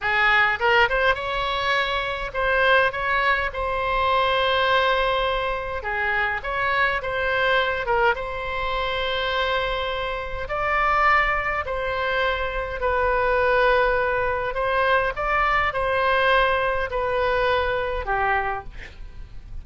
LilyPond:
\new Staff \with { instrumentName = "oboe" } { \time 4/4 \tempo 4 = 103 gis'4 ais'8 c''8 cis''2 | c''4 cis''4 c''2~ | c''2 gis'4 cis''4 | c''4. ais'8 c''2~ |
c''2 d''2 | c''2 b'2~ | b'4 c''4 d''4 c''4~ | c''4 b'2 g'4 | }